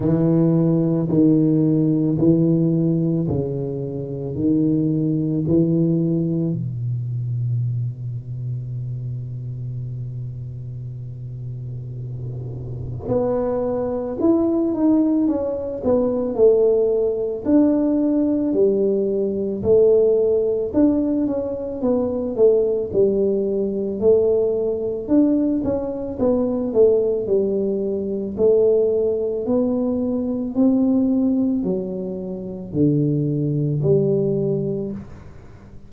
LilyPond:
\new Staff \with { instrumentName = "tuba" } { \time 4/4 \tempo 4 = 55 e4 dis4 e4 cis4 | dis4 e4 b,2~ | b,1 | b4 e'8 dis'8 cis'8 b8 a4 |
d'4 g4 a4 d'8 cis'8 | b8 a8 g4 a4 d'8 cis'8 | b8 a8 g4 a4 b4 | c'4 fis4 d4 g4 | }